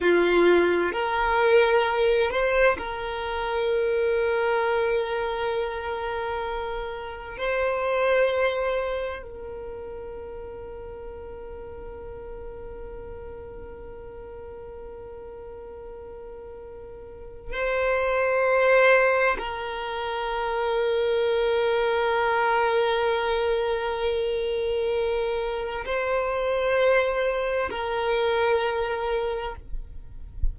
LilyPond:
\new Staff \with { instrumentName = "violin" } { \time 4/4 \tempo 4 = 65 f'4 ais'4. c''8 ais'4~ | ais'1 | c''2 ais'2~ | ais'1~ |
ais'2. c''4~ | c''4 ais'2.~ | ais'1 | c''2 ais'2 | }